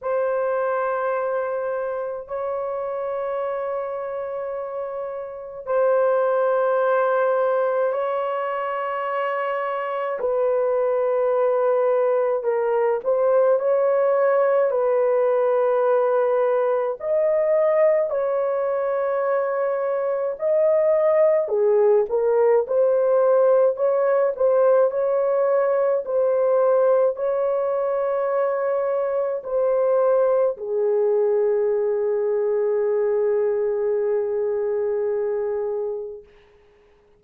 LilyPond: \new Staff \with { instrumentName = "horn" } { \time 4/4 \tempo 4 = 53 c''2 cis''2~ | cis''4 c''2 cis''4~ | cis''4 b'2 ais'8 c''8 | cis''4 b'2 dis''4 |
cis''2 dis''4 gis'8 ais'8 | c''4 cis''8 c''8 cis''4 c''4 | cis''2 c''4 gis'4~ | gis'1 | }